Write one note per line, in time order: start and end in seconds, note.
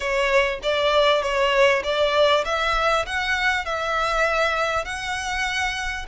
0.00 0.59 C#5
0.62 1.22 D5
1.22 1.83 C#5
1.83 2.44 D5
2.44 3.05 E5
3.06 3.65 F#5
3.65 4.84 E5
4.84 6.06 F#5